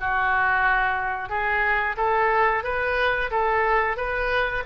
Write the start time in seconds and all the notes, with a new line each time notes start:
0.00 F#4
1.29 G#4
1.97 A4
2.64 B4
3.31 A4
3.97 B4